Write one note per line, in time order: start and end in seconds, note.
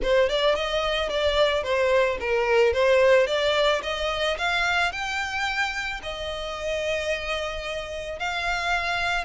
0.02 0.29 C5
0.29 0.55 D5
0.55 1.09 D#5
1.09 1.63 D5
1.63 2.17 C5
2.20 2.73 A#4
2.73 3.27 C5
3.27 3.81 D5
3.82 4.37 D#5
4.38 4.91 F5
4.91 6.00 G5
6.02 8.19 D#5
8.19 9.24 F5